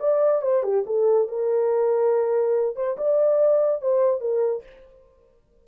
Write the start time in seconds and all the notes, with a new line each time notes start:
0.00 D5
0.42 C5
0.63 G4
0.86 A4
1.28 A#4
2.76 C5
2.98 D5
3.81 C5
4.21 A#4